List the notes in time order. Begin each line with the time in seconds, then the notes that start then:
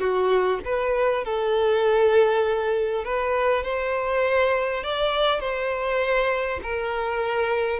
0.00 F#4
0.65 B4
1.25 A4
3.05 B4
3.64 C5
4.84 D5
5.41 C5
6.63 A#4